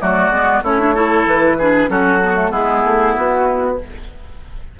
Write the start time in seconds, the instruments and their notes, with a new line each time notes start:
0.00 bassoon F#3, clarinet A3, oboe F#4, flute D5
0.30 bassoon G#3, clarinet B3
0.63 bassoon A3, clarinet C#4, oboe E4, flute C#5
0.79 clarinet D4
0.94 clarinet E4, oboe A4
1.26 bassoon E3, flute B4
1.58 clarinet D4, oboe G#4
1.88 bassoon F#3, clarinet C#4, oboe F#4, flute A4
2.23 clarinet B3
2.36 clarinet A3
2.50 bassoon G#3, clarinet B3, oboe E4, flute G#4
2.84 bassoon A3
3.15 bassoon B3, flute F#4